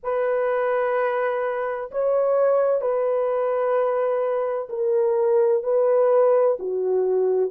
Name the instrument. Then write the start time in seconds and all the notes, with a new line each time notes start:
horn
0.03 B4
1.90 C#5
2.81 B4
4.69 A#4
5.63 B4
6.59 F#4